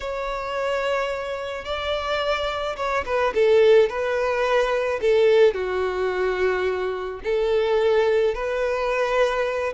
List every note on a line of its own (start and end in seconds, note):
0.00 1.64 C#5
1.64 2.76 D5
2.76 3.04 C#5
3.05 3.33 B4
3.34 3.89 A4
3.89 5.00 B4
5.01 5.54 A4
5.54 7.20 F#4
7.24 8.34 A4
8.34 9.73 B4